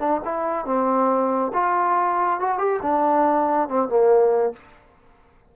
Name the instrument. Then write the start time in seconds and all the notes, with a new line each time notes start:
trombone
0.00 D4
0.25 E4
0.66 C4
1.54 F4
2.41 F#4
2.59 G4
2.83 D4
3.69 C4
3.89 A#3